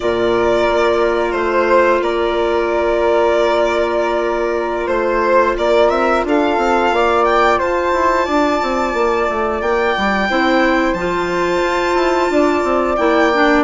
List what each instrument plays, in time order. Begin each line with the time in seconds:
0.00 bassoon A#2, clarinet F4, flute A#4, violin D5
0.68 bassoon A#3
1.31 bassoon A3, violin C5, flute C5
2.01 bassoon A#3, flute A#4, violin D5
4.86 bassoon A3, flute C5, violin C5
5.57 bassoon A#3, flute A#4, violin D5
5.89 bassoon C4, violin E5
6.23 bassoon D4, flute A4, violin F5
6.57 bassoon C4
6.91 bassoon A#3, flute D5
7.24 violin G5
7.58 bassoon F4, flute C5, violin A5
7.92 bassoon E4
8.25 bassoon D4, flute D5
8.62 bassoon C4
8.93 bassoon A#3
9.29 bassoon A3
9.61 bassoon A#3, violin G5
9.97 bassoon G3
10.29 bassoon C4, clarinet E4, flute C5
10.93 bassoon F3, clarinet F4, violin A5
11.62 bassoon F4
11.95 bassoon E4
12.29 bassoon D4, flute D5
12.63 bassoon C4
12.96 bassoon A#3, clarinet E4, violin G5
13.33 clarinet D4